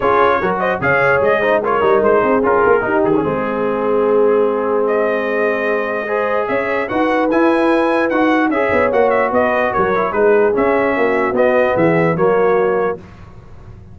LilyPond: <<
  \new Staff \with { instrumentName = "trumpet" } { \time 4/4 \tempo 4 = 148 cis''4. dis''8 f''4 dis''4 | cis''4 c''4 ais'4. gis'8~ | gis'1 | dis''1 |
e''4 fis''4 gis''2 | fis''4 e''4 fis''8 e''8 dis''4 | cis''4 b'4 e''2 | dis''4 e''4 cis''2 | }
  \new Staff \with { instrumentName = "horn" } { \time 4/4 gis'4 ais'8 c''8 cis''4. c''8 | ais'4. gis'4. g'4 | gis'1~ | gis'2. c''4 |
cis''4 b'2.~ | b'4 cis''2 b'4 | ais'4 gis'2 fis'4~ | fis'4 gis'4 fis'2 | }
  \new Staff \with { instrumentName = "trombone" } { \time 4/4 f'4 fis'4 gis'4. dis'8 | f'8 dis'4. f'4 dis'8. cis'16 | c'1~ | c'2. gis'4~ |
gis'4 fis'4 e'2 | fis'4 gis'4 fis'2~ | fis'8 e'8 dis'4 cis'2 | b2 ais2 | }
  \new Staff \with { instrumentName = "tuba" } { \time 4/4 cis'4 fis4 cis4 gis4~ | gis8 g8 gis8 c'8 cis'8 ais8 dis'8 dis8 | gis1~ | gis1 |
cis'4 dis'4 e'2 | dis'4 cis'8 b8 ais4 b4 | fis4 gis4 cis'4 ais4 | b4 e4 fis2 | }
>>